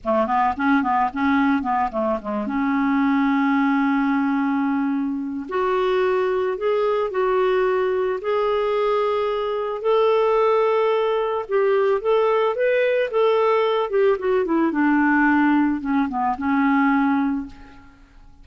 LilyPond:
\new Staff \with { instrumentName = "clarinet" } { \time 4/4 \tempo 4 = 110 a8 b8 cis'8 b8 cis'4 b8 a8 | gis8 cis'2.~ cis'8~ | cis'2 fis'2 | gis'4 fis'2 gis'4~ |
gis'2 a'2~ | a'4 g'4 a'4 b'4 | a'4. g'8 fis'8 e'8 d'4~ | d'4 cis'8 b8 cis'2 | }